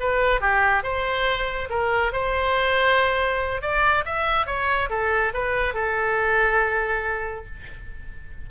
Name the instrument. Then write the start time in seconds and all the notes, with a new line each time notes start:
oboe
0.00 B4
0.41 G4
0.83 C5
1.70 A#4
2.12 C5
3.62 D5
4.05 E5
4.46 C#5
4.90 A4
5.34 B4
5.74 A4